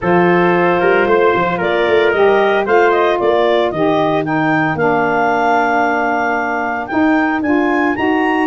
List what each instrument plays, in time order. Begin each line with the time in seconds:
0.01 tuba F3, saxophone F4, trumpet A4, clarinet C5
0.79 tuba G3, trumpet A#4
1.06 tuba A3, trumpet C5
1.34 tuba F3
1.58 tuba A#3, trumpet A#4, clarinet D5
1.87 tuba A3
2.11 tuba G3, saxophone G4, clarinet D#5
2.65 tuba A3, saxophone F4, trumpet C5, clarinet F5
2.91 clarinet D#5
3.17 tuba A#3, trumpet A#4, clarinet D5
3.70 tuba D#3, saxophone G4, clarinet D#5
4.24 saxophone D#4, clarinet G5
4.74 tuba A#3, saxophone D4, clarinet F5
6.86 saxophone D#4, tuba D#4, clarinet G5
7.42 tuba D4, saxophone F4, clarinet G#5
7.95 tuba D#4, saxophone F#4, clarinet A#5